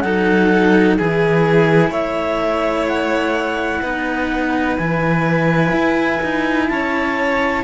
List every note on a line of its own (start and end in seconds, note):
0.00 0.98 F#3
0.00 0.99 D#4
0.00 0.97 A4
0.00 0.95 F#5
0.97 1.90 E3
0.97 3.83 E4
0.97 1.90 G#4
0.97 1.91 G#5
1.90 3.80 A3
1.90 3.80 C#5
1.90 2.87 E5
2.87 4.77 F#5
3.82 4.77 B3
3.82 4.79 D#4
3.82 6.67 B4
4.77 5.72 E3
4.77 7.64 E4
4.77 6.68 G#5
5.72 6.19 E4
6.23 6.69 D#4
6.68 7.64 C#4
6.68 7.64 C#5
6.68 7.63 A5